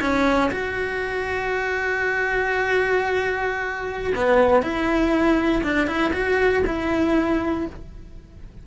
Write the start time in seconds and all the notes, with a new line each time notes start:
0.00 C#4
0.51 F#4
4.15 B3
4.62 E4
5.63 D4
5.87 E4
6.13 F#4
6.66 E4